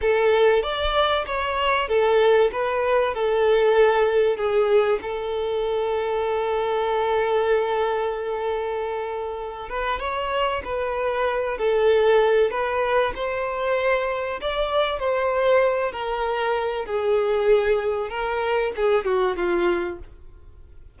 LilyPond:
\new Staff \with { instrumentName = "violin" } { \time 4/4 \tempo 4 = 96 a'4 d''4 cis''4 a'4 | b'4 a'2 gis'4 | a'1~ | a'2.~ a'8 b'8 |
cis''4 b'4. a'4. | b'4 c''2 d''4 | c''4. ais'4. gis'4~ | gis'4 ais'4 gis'8 fis'8 f'4 | }